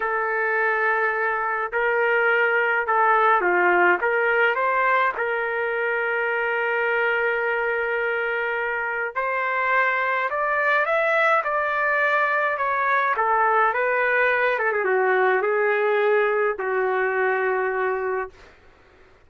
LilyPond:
\new Staff \with { instrumentName = "trumpet" } { \time 4/4 \tempo 4 = 105 a'2. ais'4~ | ais'4 a'4 f'4 ais'4 | c''4 ais'2.~ | ais'1 |
c''2 d''4 e''4 | d''2 cis''4 a'4 | b'4. a'16 gis'16 fis'4 gis'4~ | gis'4 fis'2. | }